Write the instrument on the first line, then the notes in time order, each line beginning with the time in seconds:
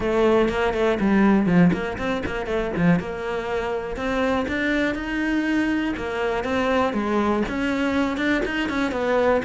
cello
0.00 A3
0.48 A#3
0.73 A3
0.99 G3
1.46 F3
1.72 A#3
1.98 C4
2.26 A#3
2.46 A3
2.76 F3
2.99 A#3
3.96 C4
4.48 D4
4.95 D#4
5.96 A#3
6.43 C4
6.93 G#3
7.49 C#4
8.17 D4
8.45 D#4
8.69 C#4
8.91 B3